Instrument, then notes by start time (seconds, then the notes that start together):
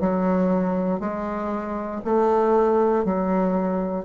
bassoon
0.00 F#3
1.00 G#3
2.05 A3
3.05 F#3